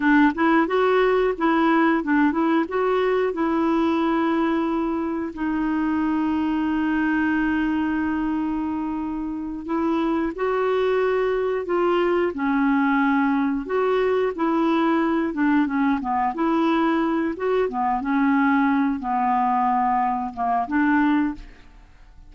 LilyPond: \new Staff \with { instrumentName = "clarinet" } { \time 4/4 \tempo 4 = 90 d'8 e'8 fis'4 e'4 d'8 e'8 | fis'4 e'2. | dis'1~ | dis'2~ dis'8 e'4 fis'8~ |
fis'4. f'4 cis'4.~ | cis'8 fis'4 e'4. d'8 cis'8 | b8 e'4. fis'8 b8 cis'4~ | cis'8 b2 ais8 d'4 | }